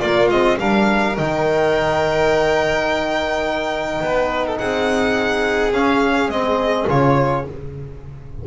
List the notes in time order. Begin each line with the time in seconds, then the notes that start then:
0.00 A#3 F4 D5
0.30 G#3 C4 D#5
0.59 G3 D4 A#4 F5
1.16 D#3 D#4 G5
4.01 B3 B4
4.47 A4
4.58 C4 G#4 F#5
5.73 C#4 F5
6.29 G#3 C4 D#5
6.88 C#3 F4 C#5